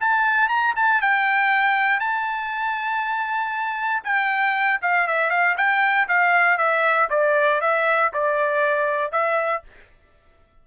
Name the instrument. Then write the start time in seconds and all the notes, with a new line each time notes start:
trumpet
0.00 A5
0.48 A#5
0.76 A5
1.01 G5
1.99 A5
4.04 G5
4.81 F5
5.07 E5
5.30 F5
5.57 G5
6.08 F5
6.57 E5
7.10 D5
7.61 E5
8.13 D5
9.12 E5